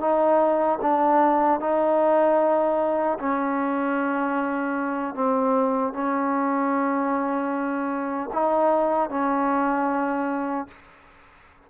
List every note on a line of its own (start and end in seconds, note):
0.00 0.79 D#4
0.82 1.60 D4
1.60 3.18 D#4
3.19 5.14 C#4
5.14 5.93 C4
5.94 8.30 C#4
8.33 9.10 D#4
9.10 10.68 C#4